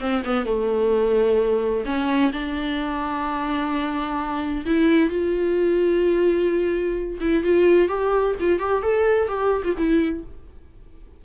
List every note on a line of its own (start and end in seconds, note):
0.00 0.23 C4
0.25 0.45 B3
0.45 1.85 A3
1.86 2.32 C#4
2.33 4.65 D4
4.66 5.10 E4
5.10 7.19 F4
7.21 7.44 E4
7.44 7.89 F4
7.89 8.35 G4
8.40 8.60 F4
8.60 8.83 G4
8.83 9.28 A4
9.28 9.63 G4
9.64 9.76 F4
9.78 10.24 E4